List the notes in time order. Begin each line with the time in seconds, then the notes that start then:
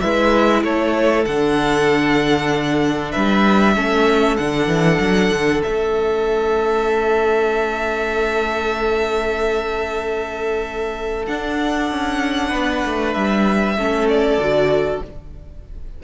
0.00 G#3 E4 B4 E5
0.63 A3 A4 C#5
1.25 D3 D4 F#5
3.11 G3 B4 E5
3.76 A3 C#4 A4
4.37 D3 D4 F#5
4.67 E3
5.00 F#3
5.30 D3
5.63 A3 C#4 E5
11.27 D4 F#5
11.91 C#4
12.49 B3 B4
12.85 A3
13.13 G3 E5
13.77 A3 C#4 A4
14.09 D5
14.38 D3 F#4